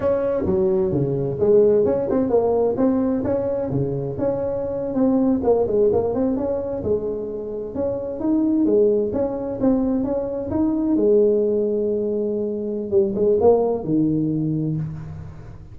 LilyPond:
\new Staff \with { instrumentName = "tuba" } { \time 4/4 \tempo 4 = 130 cis'4 fis4 cis4 gis4 | cis'8 c'8 ais4 c'4 cis'4 | cis4 cis'4.~ cis'16 c'4 ais16~ | ais16 gis8 ais8 c'8 cis'4 gis4~ gis16~ |
gis8. cis'4 dis'4 gis4 cis'16~ | cis'8. c'4 cis'4 dis'4 gis16~ | gis1 | g8 gis8 ais4 dis2 | }